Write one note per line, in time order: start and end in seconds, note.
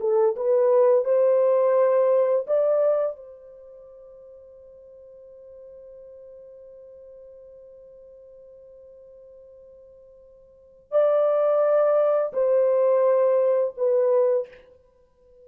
0.00 0.35 A4
0.36 1.05 B4
1.05 2.46 C5
2.47 3.16 D5
3.16 10.91 C5
10.91 12.32 D5
12.33 13.74 C5
13.77 14.48 B4